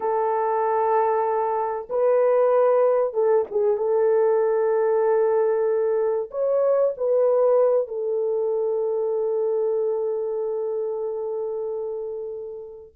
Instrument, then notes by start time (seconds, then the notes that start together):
horn
0.00 A4
1.89 B4
3.13 A4
3.51 G#4
3.77 A4
6.30 C#5
6.97 B4
7.87 A4